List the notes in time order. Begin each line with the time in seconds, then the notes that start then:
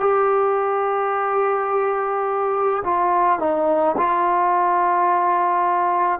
0.00 G4
2.84 F4
3.39 D#4
3.97 F4